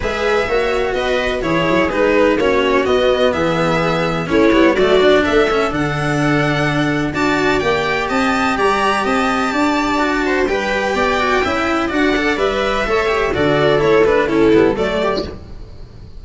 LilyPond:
<<
  \new Staff \with { instrumentName = "violin" } { \time 4/4 \tempo 4 = 126 e''2 dis''4 cis''4 | b'4 cis''4 dis''4 e''4~ | e''4 cis''4 d''4 e''4 | fis''2. a''4 |
g''4 a''4 ais''4 a''4~ | a''2 g''2~ | g''4 fis''4 e''2 | d''4 cis''8 b'8 a'4 d''4 | }
  \new Staff \with { instrumentName = "viola" } { \time 4/4 b'4 cis''4 b'4 gis'4~ | gis'4 fis'2 gis'4~ | gis'4 e'4 fis'4 a'4~ | a'2. d''4~ |
d''4 dis''4 d''4 dis''4 | d''4. c''8 b'4 d''4 | e''4 d''2 cis''4 | a'2 e'4 a'8 g'8 | }
  \new Staff \with { instrumentName = "cello" } { \time 4/4 gis'4 fis'2 e'4 | dis'4 cis'4 b2~ | b4 cis'8 b8 a8 d'4 cis'8 | d'2. fis'4 |
g'1~ | g'4 fis'4 g'4. fis'8 | e'4 fis'8 a'8 b'4 a'8 g'8 | fis'4 e'8 d'8 cis'8 b8 a4 | }
  \new Staff \with { instrumentName = "tuba" } { \time 4/4 gis4 ais4 b4 e8 fis8 | gis4 ais4 b4 e4~ | e4 a8 g8 fis4 a4 | d2. d'4 |
ais4 c'4 g4 c'4 | d'2 g4 b4 | cis'4 d'4 g4 a4 | d4 a4. g8 fis4 | }
>>